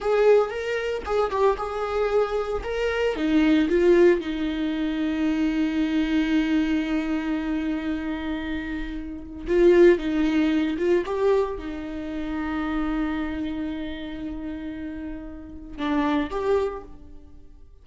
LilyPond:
\new Staff \with { instrumentName = "viola" } { \time 4/4 \tempo 4 = 114 gis'4 ais'4 gis'8 g'8 gis'4~ | gis'4 ais'4 dis'4 f'4 | dis'1~ | dis'1~ |
dis'2 f'4 dis'4~ | dis'8 f'8 g'4 dis'2~ | dis'1~ | dis'2 d'4 g'4 | }